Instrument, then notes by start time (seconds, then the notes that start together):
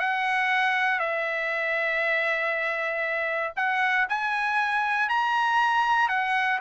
trumpet
0.00 F#5
0.99 E5
3.56 F#5
4.09 G#5
5.09 A#5
6.09 F#5